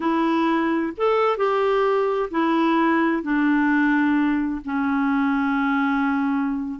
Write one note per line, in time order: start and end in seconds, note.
0.00 0.92 E4
0.97 1.37 A4
1.37 2.29 G4
2.31 3.22 E4
3.22 4.61 D4
4.64 6.79 C#4